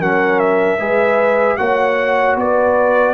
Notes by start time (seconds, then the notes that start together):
0.00 F#3 C#4 A#4 F#5
0.39 E5
0.79 G#3 G#4 B4
1.57 A#3 F#4 C#5 F#5
2.37 B3 B4 D5